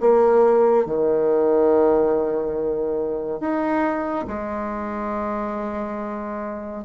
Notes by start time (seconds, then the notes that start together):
0.00 A#3
0.85 D#3
3.40 D#4
4.27 G#3